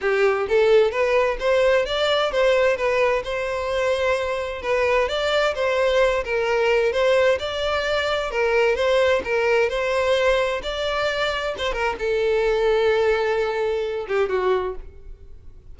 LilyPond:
\new Staff \with { instrumentName = "violin" } { \time 4/4 \tempo 4 = 130 g'4 a'4 b'4 c''4 | d''4 c''4 b'4 c''4~ | c''2 b'4 d''4 | c''4. ais'4. c''4 |
d''2 ais'4 c''4 | ais'4 c''2 d''4~ | d''4 c''8 ais'8 a'2~ | a'2~ a'8 g'8 fis'4 | }